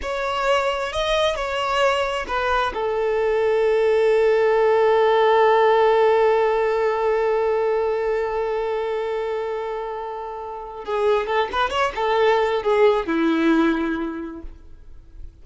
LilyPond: \new Staff \with { instrumentName = "violin" } { \time 4/4 \tempo 4 = 133 cis''2 dis''4 cis''4~ | cis''4 b'4 a'2~ | a'1~ | a'1~ |
a'1~ | a'1 | gis'4 a'8 b'8 cis''8 a'4. | gis'4 e'2. | }